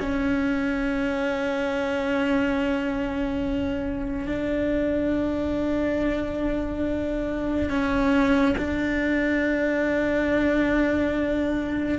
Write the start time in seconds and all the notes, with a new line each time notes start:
0.00 C#4
4.27 D4
7.70 C#4
8.58 D4